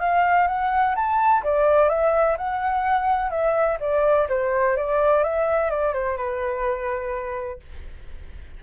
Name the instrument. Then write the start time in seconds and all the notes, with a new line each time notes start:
flute
0.00 F5
0.47 F#5
0.95 A5
1.44 D5
1.89 E5
2.37 F#5
3.30 E5
3.80 D5
4.29 C5
4.77 D5
5.23 E5
5.70 D5
5.94 C5
6.17 B4